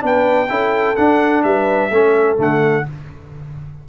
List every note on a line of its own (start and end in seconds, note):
0.00 0.49 B3
0.00 0.47 D4
0.00 0.50 B4
0.06 0.96 G5
0.49 0.96 C#4
0.49 0.96 E4
0.49 1.44 A4
0.96 1.90 D4
0.96 1.44 D4
0.96 1.43 F#5
1.43 1.90 G3
1.43 1.92 B4
1.43 2.37 E5
1.90 2.37 A3
1.90 2.36 C#4
1.90 2.87 A4
2.36 2.85 D3
2.36 2.83 A3
2.36 2.88 F#5